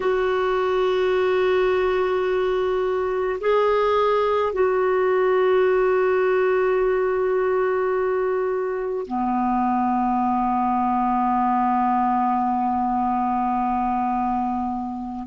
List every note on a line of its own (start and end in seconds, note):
0.00 3.39 F#4
3.40 4.53 G#4
4.53 9.06 F#4
9.06 15.27 B3